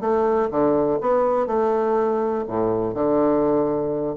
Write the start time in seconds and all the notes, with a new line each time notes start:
0.00 A3
0.51 D3
1.00 B3
1.46 A3
2.47 A2
2.94 D3